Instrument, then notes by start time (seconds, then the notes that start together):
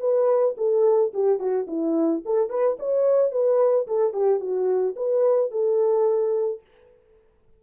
horn
0.00 B4
0.57 A4
1.13 G4
1.39 F#4
1.67 E4
2.25 A4
2.50 B4
2.79 C#5
3.32 B4
3.87 A4
4.13 G4
4.40 F#4
4.96 B4
5.51 A4